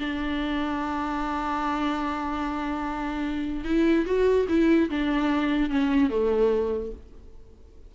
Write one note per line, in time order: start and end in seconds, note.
0.00 3.65 D4
3.65 4.06 E4
4.06 4.47 F#4
4.49 4.90 E4
4.90 5.70 D4
5.70 6.10 C#4
6.10 6.92 A3